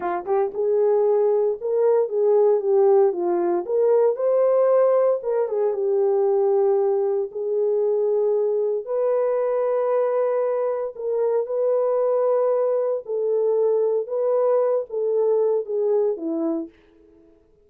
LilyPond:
\new Staff \with { instrumentName = "horn" } { \time 4/4 \tempo 4 = 115 f'8 g'8 gis'2 ais'4 | gis'4 g'4 f'4 ais'4 | c''2 ais'8 gis'8 g'4~ | g'2 gis'2~ |
gis'4 b'2.~ | b'4 ais'4 b'2~ | b'4 a'2 b'4~ | b'8 a'4. gis'4 e'4 | }